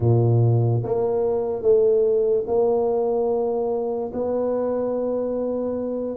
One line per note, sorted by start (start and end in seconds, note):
0.00 0.82 A#2
0.83 1.62 A#3
1.62 2.44 A3
2.47 4.11 A#3
4.13 6.16 B3